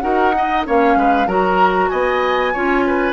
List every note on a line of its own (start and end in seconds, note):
0.00 0.66 D#4
0.00 0.33 F#4
0.00 0.35 A#4
0.00 0.62 F#5
0.37 0.66 D#4
0.37 0.67 D#5
0.66 0.96 A#3
0.66 1.28 C#4
0.66 0.98 C#5
0.66 1.27 F5
0.96 1.27 G#3
0.96 1.27 B4
1.27 1.89 F#3
1.27 2.53 F#4
1.27 1.90 A#4
1.27 1.89 A#5
1.89 2.55 B3
1.89 2.53 D#5
1.89 3.13 G#5
2.53 3.13 C#4
2.53 3.13 F4
2.53 2.84 C#5
2.87 3.13 B4